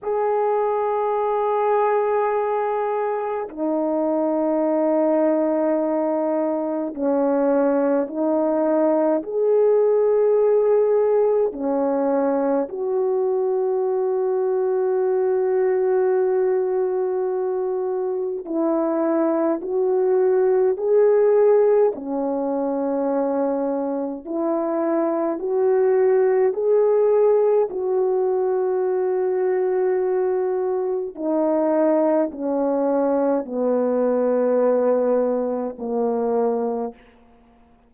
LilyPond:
\new Staff \with { instrumentName = "horn" } { \time 4/4 \tempo 4 = 52 gis'2. dis'4~ | dis'2 cis'4 dis'4 | gis'2 cis'4 fis'4~ | fis'1 |
e'4 fis'4 gis'4 cis'4~ | cis'4 e'4 fis'4 gis'4 | fis'2. dis'4 | cis'4 b2 ais4 | }